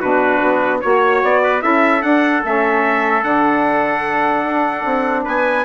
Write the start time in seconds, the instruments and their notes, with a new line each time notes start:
0.00 bassoon B2, saxophone D4, trumpet F#4 B4
0.43 bassoon B3
0.81 bassoon A#3, saxophone F#4, trumpet C#5
1.23 bassoon B3, trumpet D5
1.43 trumpet B4
1.60 bassoon C#4, saxophone E4, trumpet A4 E5
2.03 bassoon D4, saxophone D4, trumpet F#5
2.44 bassoon A3, saxophone C#4, trumpet E5
3.23 bassoon D3, saxophone D4, trumpet F#5
4.44 bassoon D4
4.85 bassoon C4
5.25 bassoon B3, trumpet B4 G#5